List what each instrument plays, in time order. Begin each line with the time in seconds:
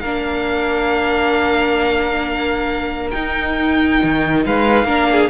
0.00 cello A#3, viola D4, violin A#4 F5
3.11 cello D#4, viola D#4, violin G5
4.03 cello D#3
4.46 cello G#3, violin B4 F5
4.85 cello A#3, viola D4, violin A#4
5.12 violin G#4